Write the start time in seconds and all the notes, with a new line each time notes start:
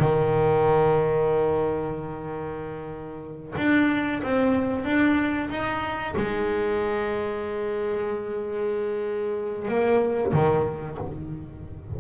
0.00 D#3
3.57 D4
4.23 C4
4.84 D4
5.50 D#4
6.16 G#3
9.68 A#3
10.33 D#3